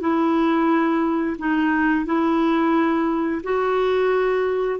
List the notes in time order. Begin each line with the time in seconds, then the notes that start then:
0.00 E4
1.39 D#4
2.05 E4
3.43 F#4